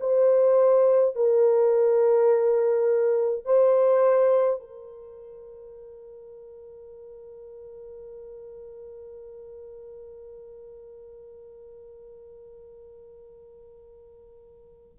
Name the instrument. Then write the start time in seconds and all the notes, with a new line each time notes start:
horn
0.00 C5
1.15 A#4
3.45 C5
4.60 A#4